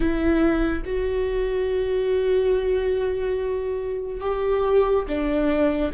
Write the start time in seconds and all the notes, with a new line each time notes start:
0.00 E4
0.85 F#4
4.20 G4
5.07 D4